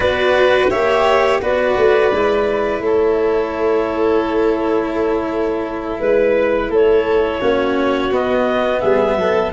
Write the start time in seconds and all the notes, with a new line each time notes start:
0.00 B3 F#4 B4 D5
0.69 A#3 G4 C#5 E5
1.40 B3 F#4 B4 D5
1.77 A3
2.11 G#3 E4
2.80 A3 A4 C#5
6.00 G#3 B4
6.68 A3 A4 C#5
7.40 A#3 C#4 F#4
8.11 B3 D#5
8.80 G3 G#4 E5
9.16 F#3 A4